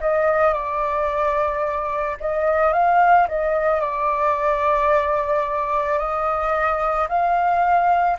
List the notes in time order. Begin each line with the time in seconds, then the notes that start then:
0.00 D#5
0.53 D5
2.20 D#5
2.73 F5
3.28 D#5
3.80 D5
5.99 D#5
7.08 F5